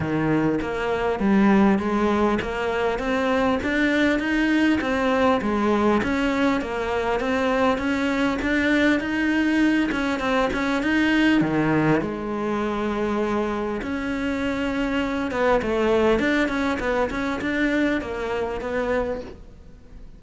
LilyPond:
\new Staff \with { instrumentName = "cello" } { \time 4/4 \tempo 4 = 100 dis4 ais4 g4 gis4 | ais4 c'4 d'4 dis'4 | c'4 gis4 cis'4 ais4 | c'4 cis'4 d'4 dis'4~ |
dis'8 cis'8 c'8 cis'8 dis'4 dis4 | gis2. cis'4~ | cis'4. b8 a4 d'8 cis'8 | b8 cis'8 d'4 ais4 b4 | }